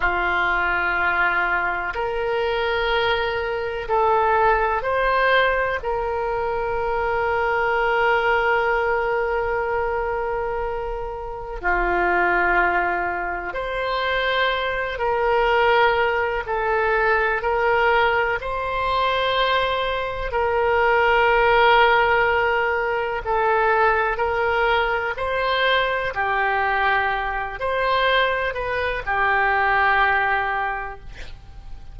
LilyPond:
\new Staff \with { instrumentName = "oboe" } { \time 4/4 \tempo 4 = 62 f'2 ais'2 | a'4 c''4 ais'2~ | ais'1 | f'2 c''4. ais'8~ |
ais'4 a'4 ais'4 c''4~ | c''4 ais'2. | a'4 ais'4 c''4 g'4~ | g'8 c''4 b'8 g'2 | }